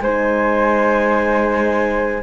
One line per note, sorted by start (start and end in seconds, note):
0.00 2.22 G#3
0.00 2.23 D#4
0.00 2.23 C5
0.00 2.23 G#5